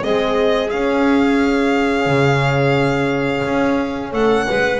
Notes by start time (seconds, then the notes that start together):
0.00 G#3 C4 G#4 D#5
0.70 C#4 F5
2.05 C#3
3.45 C#4
4.11 A3 A4 F#5
4.47 G#3 B4